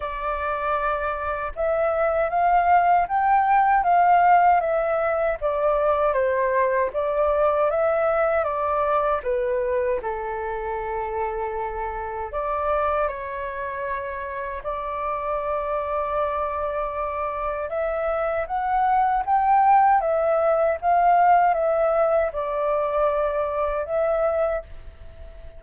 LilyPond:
\new Staff \with { instrumentName = "flute" } { \time 4/4 \tempo 4 = 78 d''2 e''4 f''4 | g''4 f''4 e''4 d''4 | c''4 d''4 e''4 d''4 | b'4 a'2. |
d''4 cis''2 d''4~ | d''2. e''4 | fis''4 g''4 e''4 f''4 | e''4 d''2 e''4 | }